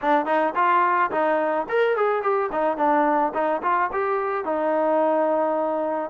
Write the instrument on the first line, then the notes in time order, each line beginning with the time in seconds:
trombone
0.01 D4
0.25 D#4
0.55 F4
1.11 D#4
1.68 A#4
1.96 G#4
2.22 G4
2.52 D#4
2.77 D4
3.33 D#4
3.62 F4
3.92 G4
4.44 D#4